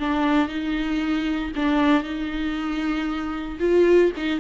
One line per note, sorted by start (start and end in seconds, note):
0.00 0.49 D4
0.49 1.52 D#4
1.56 2.04 D4
2.04 3.59 D#4
3.60 4.12 F4
4.17 4.40 D#4